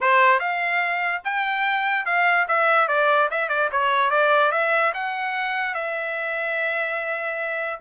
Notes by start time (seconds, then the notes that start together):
0.01 C5
0.39 F5
1.24 G5
2.05 F5
2.48 E5
2.88 D5
3.30 E5
3.48 D5
3.71 C#5
4.10 D5
4.51 E5
4.94 F#5
5.74 E5